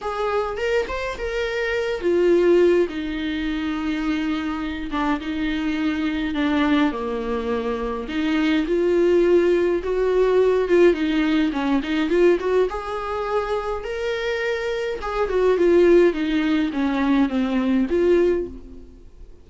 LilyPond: \new Staff \with { instrumentName = "viola" } { \time 4/4 \tempo 4 = 104 gis'4 ais'8 c''8 ais'4. f'8~ | f'4 dis'2.~ | dis'8 d'8 dis'2 d'4 | ais2 dis'4 f'4~ |
f'4 fis'4. f'8 dis'4 | cis'8 dis'8 f'8 fis'8 gis'2 | ais'2 gis'8 fis'8 f'4 | dis'4 cis'4 c'4 f'4 | }